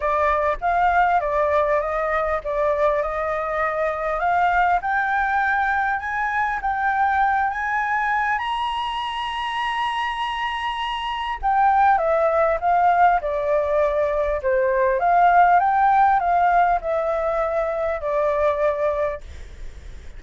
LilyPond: \new Staff \with { instrumentName = "flute" } { \time 4/4 \tempo 4 = 100 d''4 f''4 d''4 dis''4 | d''4 dis''2 f''4 | g''2 gis''4 g''4~ | g''8 gis''4. ais''2~ |
ais''2. g''4 | e''4 f''4 d''2 | c''4 f''4 g''4 f''4 | e''2 d''2 | }